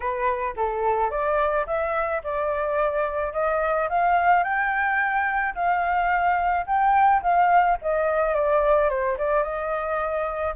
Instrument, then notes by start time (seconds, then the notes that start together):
flute
0.00 B4
0.56 A4
1.10 D5
1.66 E5
2.23 D5
3.33 D#5
3.89 F5
4.43 G5
5.54 F5
6.66 G5
7.22 F5
7.81 D#5
8.34 D5
8.89 C5
9.18 D5
9.43 D#5